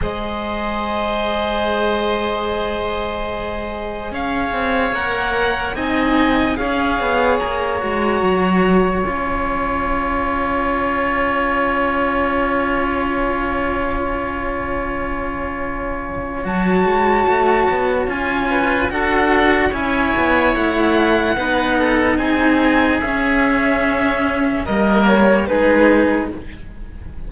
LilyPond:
<<
  \new Staff \with { instrumentName = "violin" } { \time 4/4 \tempo 4 = 73 dis''1~ | dis''4 f''4 fis''4 gis''4 | f''4 ais''2 gis''4~ | gis''1~ |
gis''1 | a''2 gis''4 fis''4 | gis''4 fis''2 gis''4 | e''2 dis''8 cis''8 b'4 | }
  \new Staff \with { instrumentName = "oboe" } { \time 4/4 c''1~ | c''4 cis''2 dis''4 | cis''1~ | cis''1~ |
cis''1~ | cis''2~ cis''8 b'8 a'4 | cis''2 b'8 a'8 gis'4~ | gis'2 ais'4 gis'4 | }
  \new Staff \with { instrumentName = "cello" } { \time 4/4 gis'1~ | gis'2 ais'4 dis'4 | gis'4. fis'4. f'4~ | f'1~ |
f'1 | fis'2 f'4 fis'4 | e'2 dis'2 | cis'2 ais4 dis'4 | }
  \new Staff \with { instrumentName = "cello" } { \time 4/4 gis1~ | gis4 cis'8 c'8 ais4 c'4 | cis'8 b8 ais8 gis8 fis4 cis'4~ | cis'1~ |
cis'1 | fis8 gis8 a8 b8 cis'4 d'4 | cis'8 b8 a4 b4 c'4 | cis'2 g4 gis4 | }
>>